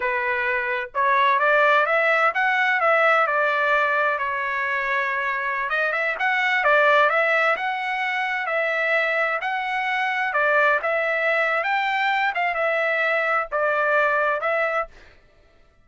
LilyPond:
\new Staff \with { instrumentName = "trumpet" } { \time 4/4 \tempo 4 = 129 b'2 cis''4 d''4 | e''4 fis''4 e''4 d''4~ | d''4 cis''2.~ | cis''16 dis''8 e''8 fis''4 d''4 e''8.~ |
e''16 fis''2 e''4.~ e''16~ | e''16 fis''2 d''4 e''8.~ | e''4 g''4. f''8 e''4~ | e''4 d''2 e''4 | }